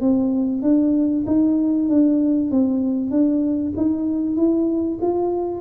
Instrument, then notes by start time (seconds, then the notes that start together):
tuba
0.00 C4
0.62 D4
1.26 D#4
1.88 D4
2.51 C4
3.10 D4
3.76 D#4
4.36 E4
5.01 F4